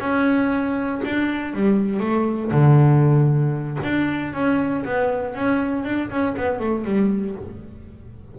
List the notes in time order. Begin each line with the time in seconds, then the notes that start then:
0.00 C#4
1.05 D4
1.54 G3
2.00 A3
2.51 D3
3.83 D4
4.34 C#4
4.85 B3
5.35 C#4
5.85 D4
6.10 C#4
6.37 B3
6.59 A3
6.85 G3